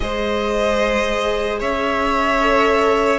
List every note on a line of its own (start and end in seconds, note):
0.00 1.61 G#3
0.00 2.39 G#4
0.00 1.59 C5
0.00 1.58 D#5
1.59 3.19 C#4
1.59 3.19 C#5
1.59 3.19 E5
2.40 3.19 A4